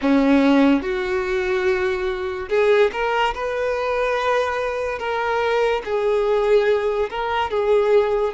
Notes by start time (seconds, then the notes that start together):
0.01 C#4
0.81 F#4
2.48 G#4
2.92 A#4
3.34 B4
4.98 A#4
5.84 G#4
7.10 A#4
7.50 G#4